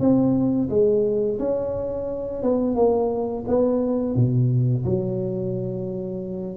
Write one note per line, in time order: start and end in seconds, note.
0.00 0.69 C4
0.70 1.39 G#3
1.39 2.43 C#4
2.43 2.76 B3
2.76 3.45 A#3
3.48 4.16 B3
4.16 4.85 B2
4.85 6.57 F#3